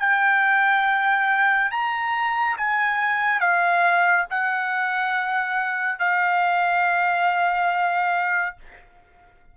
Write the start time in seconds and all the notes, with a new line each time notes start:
0.00 G5
1.71 A#5
2.58 G#5
3.41 F5
4.31 F#5
6.00 F5